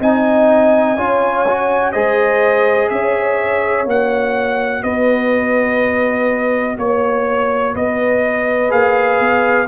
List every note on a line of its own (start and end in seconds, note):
0.00 0.97 C4
0.00 0.97 D#4
0.00 0.96 D#5
0.00 1.92 G#5
0.96 1.94 C#4
0.96 1.46 F4
0.96 1.92 C#5
1.48 1.94 F#4
1.92 2.90 G#3
1.92 3.86 G#4
1.92 2.89 C5
1.92 2.89 D#5
2.89 3.85 C#4
2.89 4.83 C#5
2.89 3.86 E5
3.85 4.82 A#3
3.85 8.69 F#4
3.85 4.83 F#5
4.83 6.77 B3
4.83 6.76 B4
4.83 6.76 D#5
6.77 7.74 A#3
6.77 7.75 C#5
6.77 7.74 C#5
7.74 8.71 B3
7.74 9.67 B4
7.74 8.71 D#5
8.69 9.20 A#3
8.69 9.66 G#4
8.69 9.68 F5
9.20 9.68 B3